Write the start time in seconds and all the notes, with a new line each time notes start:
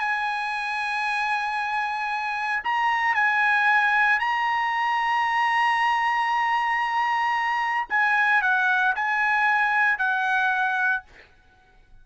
0.00 G#5
2.64 A#5
3.15 G#5
4.20 A#5
7.90 G#5
8.42 F#5
8.96 G#5
9.99 F#5